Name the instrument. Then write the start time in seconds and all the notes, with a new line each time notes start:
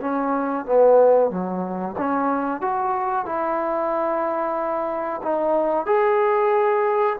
trombone
0.00 C#4
0.65 B3
1.30 F#3
1.97 C#4
2.61 F#4
3.25 E4
5.22 D#4
5.86 G#4